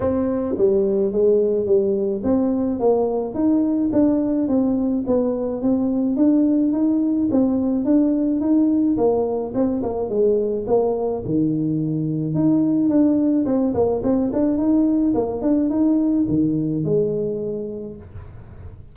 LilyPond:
\new Staff \with { instrumentName = "tuba" } { \time 4/4 \tempo 4 = 107 c'4 g4 gis4 g4 | c'4 ais4 dis'4 d'4 | c'4 b4 c'4 d'4 | dis'4 c'4 d'4 dis'4 |
ais4 c'8 ais8 gis4 ais4 | dis2 dis'4 d'4 | c'8 ais8 c'8 d'8 dis'4 ais8 d'8 | dis'4 dis4 gis2 | }